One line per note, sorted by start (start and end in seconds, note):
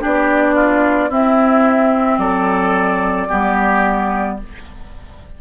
0.00 1.10 B3
0.00 1.09 D4
0.00 0.55 G4
0.00 1.10 D5
0.55 1.09 F4
1.09 2.17 C4
1.09 3.29 C4
1.09 2.18 E4
1.09 2.18 E5
2.17 3.27 F#3
2.17 3.28 A4
2.17 4.36 D5
3.28 4.41 G3
3.28 4.38 B3
3.28 4.37 G4